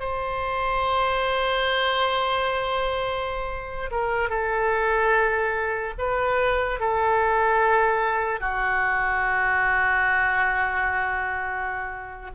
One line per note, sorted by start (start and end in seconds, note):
0.00 3.90 C5
3.91 4.30 A#4
4.30 5.94 A4
5.99 6.80 B4
6.80 8.40 A4
8.40 12.31 F#4